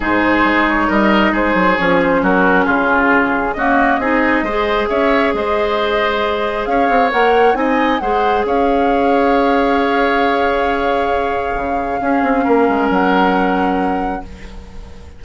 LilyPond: <<
  \new Staff \with { instrumentName = "flute" } { \time 4/4 \tempo 4 = 135 c''4. cis''8 dis''4 c''4 | cis''8 c''8 ais'4 gis'2 | dis''2. e''4 | dis''2. f''4 |
fis''4 gis''4 fis''4 f''4~ | f''1~ | f''1~ | f''4 fis''2. | }
  \new Staff \with { instrumentName = "oboe" } { \time 4/4 gis'2 ais'4 gis'4~ | gis'4 fis'4 f'2 | fis'4 gis'4 c''4 cis''4 | c''2. cis''4~ |
cis''4 dis''4 c''4 cis''4~ | cis''1~ | cis''2. gis'4 | ais'1 | }
  \new Staff \with { instrumentName = "clarinet" } { \time 4/4 dis'1 | cis'1 | ais4 dis'4 gis'2~ | gis'1 |
ais'4 dis'4 gis'2~ | gis'1~ | gis'2. cis'4~ | cis'1 | }
  \new Staff \with { instrumentName = "bassoon" } { \time 4/4 gis,4 gis4 g4 gis8 fis8 | f4 fis4 cis2 | cis'4 c'4 gis4 cis'4 | gis2. cis'8 c'8 |
ais4 c'4 gis4 cis'4~ | cis'1~ | cis'2 cis4 cis'8 c'8 | ais8 gis8 fis2. | }
>>